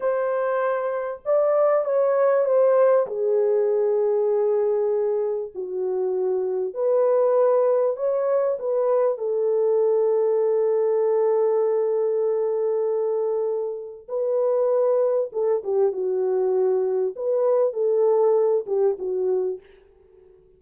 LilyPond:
\new Staff \with { instrumentName = "horn" } { \time 4/4 \tempo 4 = 98 c''2 d''4 cis''4 | c''4 gis'2.~ | gis'4 fis'2 b'4~ | b'4 cis''4 b'4 a'4~ |
a'1~ | a'2. b'4~ | b'4 a'8 g'8 fis'2 | b'4 a'4. g'8 fis'4 | }